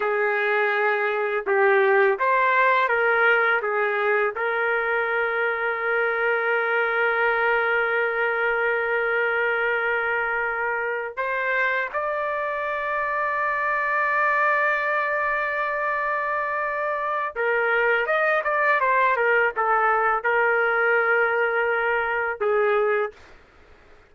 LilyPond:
\new Staff \with { instrumentName = "trumpet" } { \time 4/4 \tempo 4 = 83 gis'2 g'4 c''4 | ais'4 gis'4 ais'2~ | ais'1~ | ais'2.~ ais'8 c''8~ |
c''8 d''2.~ d''8~ | d''1 | ais'4 dis''8 d''8 c''8 ais'8 a'4 | ais'2. gis'4 | }